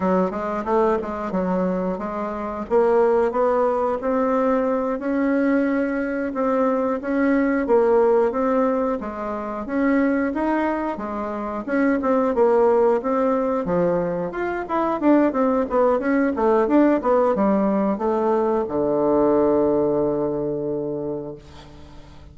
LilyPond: \new Staff \with { instrumentName = "bassoon" } { \time 4/4 \tempo 4 = 90 fis8 gis8 a8 gis8 fis4 gis4 | ais4 b4 c'4. cis'8~ | cis'4. c'4 cis'4 ais8~ | ais8 c'4 gis4 cis'4 dis'8~ |
dis'8 gis4 cis'8 c'8 ais4 c'8~ | c'8 f4 f'8 e'8 d'8 c'8 b8 | cis'8 a8 d'8 b8 g4 a4 | d1 | }